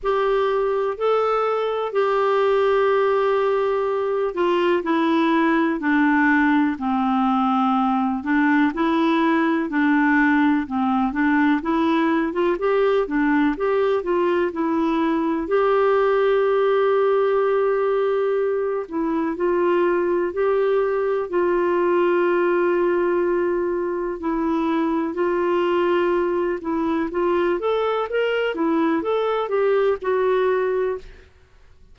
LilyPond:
\new Staff \with { instrumentName = "clarinet" } { \time 4/4 \tempo 4 = 62 g'4 a'4 g'2~ | g'8 f'8 e'4 d'4 c'4~ | c'8 d'8 e'4 d'4 c'8 d'8 | e'8. f'16 g'8 d'8 g'8 f'8 e'4 |
g'2.~ g'8 e'8 | f'4 g'4 f'2~ | f'4 e'4 f'4. e'8 | f'8 a'8 ais'8 e'8 a'8 g'8 fis'4 | }